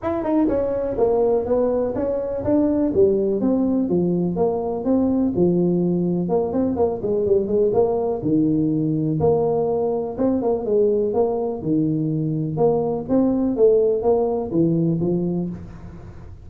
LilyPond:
\new Staff \with { instrumentName = "tuba" } { \time 4/4 \tempo 4 = 124 e'8 dis'8 cis'4 ais4 b4 | cis'4 d'4 g4 c'4 | f4 ais4 c'4 f4~ | f4 ais8 c'8 ais8 gis8 g8 gis8 |
ais4 dis2 ais4~ | ais4 c'8 ais8 gis4 ais4 | dis2 ais4 c'4 | a4 ais4 e4 f4 | }